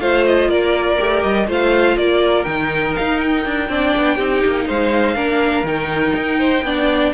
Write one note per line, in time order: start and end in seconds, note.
0.00 0.49 A3
0.00 0.98 F4
0.00 0.49 C5
0.00 0.25 F5
0.26 0.50 D#5
0.49 0.98 A#3
0.49 1.47 A#4
0.49 1.23 D5
0.98 1.24 A3
0.98 1.47 G4
1.23 1.48 G3
1.23 1.47 D#5
1.48 1.97 A3
1.48 2.45 F4
1.48 1.97 C5
1.48 1.97 F5
1.97 2.46 A#3
1.97 3.70 A#4
1.97 2.44 D5
2.44 2.96 D#3
2.44 3.68 D#4
2.44 2.93 G5
2.96 3.45 D#4
2.96 3.20 F5
3.20 4.68 G5
3.45 3.69 D4
3.69 3.93 C4
3.69 4.18 D4
3.69 4.16 D5
3.97 4.18 B3
4.16 4.43 C4
4.16 5.15 D#4
4.16 4.65 G4
4.45 4.69 A#3
4.67 5.15 G#3
4.67 5.16 C5
4.67 5.66 F5
5.15 5.63 A#3
5.15 5.64 D4
5.15 6.39 A#4
5.63 6.12 D#3
5.63 6.65 D#4
5.63 7.14 G5
6.16 6.63 D#4
6.39 6.63 C5
6.63 7.12 B3
6.63 7.14 D4
6.63 7.14 D5